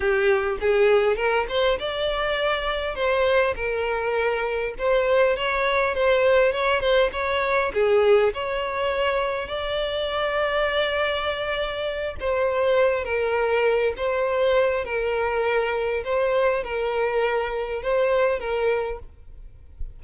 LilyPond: \new Staff \with { instrumentName = "violin" } { \time 4/4 \tempo 4 = 101 g'4 gis'4 ais'8 c''8 d''4~ | d''4 c''4 ais'2 | c''4 cis''4 c''4 cis''8 c''8 | cis''4 gis'4 cis''2 |
d''1~ | d''8 c''4. ais'4. c''8~ | c''4 ais'2 c''4 | ais'2 c''4 ais'4 | }